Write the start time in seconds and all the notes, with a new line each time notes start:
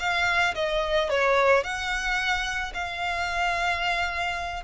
0.00 F5
0.55 D#5
1.10 C#5
1.64 F#5
2.74 F5